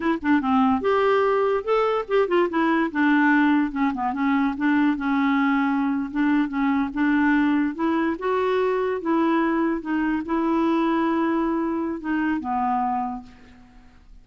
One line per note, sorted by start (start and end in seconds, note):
0.00 0.18 E4
0.22 0.41 D4
0.41 0.81 C4
0.81 1.63 G4
1.64 2.05 A4
2.08 2.28 G4
2.28 2.48 F4
2.49 2.90 E4
2.91 3.71 D4
3.71 3.92 C#4
3.94 4.13 B3
4.13 4.54 C#4
4.57 4.96 D4
4.96 6.10 C#4
6.11 6.48 D4
6.48 6.89 C#4
6.93 7.75 D4
7.75 8.16 E4
8.18 9.01 F#4
9.01 9.81 E4
9.81 10.22 D#4
10.25 12.00 E4
12.00 12.39 D#4
12.39 13.22 B3